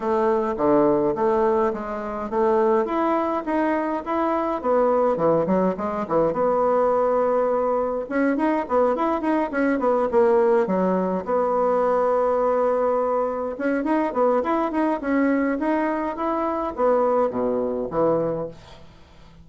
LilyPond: \new Staff \with { instrumentName = "bassoon" } { \time 4/4 \tempo 4 = 104 a4 d4 a4 gis4 | a4 e'4 dis'4 e'4 | b4 e8 fis8 gis8 e8 b4~ | b2 cis'8 dis'8 b8 e'8 |
dis'8 cis'8 b8 ais4 fis4 b8~ | b2.~ b8 cis'8 | dis'8 b8 e'8 dis'8 cis'4 dis'4 | e'4 b4 b,4 e4 | }